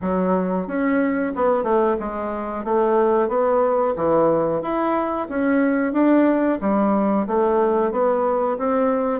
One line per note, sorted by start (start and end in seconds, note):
0.01 0.67 F#3
0.67 1.32 C#4
1.35 1.63 B3
1.63 1.96 A3
1.99 2.64 G#3
2.64 3.28 A3
3.28 3.94 B3
3.96 4.62 E3
4.62 5.27 E4
5.29 5.93 C#4
5.93 6.58 D4
6.61 7.26 G3
7.27 7.91 A3
7.91 8.57 B3
8.57 9.20 C4